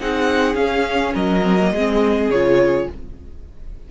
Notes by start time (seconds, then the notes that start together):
0.00 C4 D#4 G#4 F#5
0.55 C#4 F5
1.15 F#3 A#4 D#5
1.43 C4
1.62 A#3
1.73 G#3 C4 G#4
2.29 C#3 F4 C#5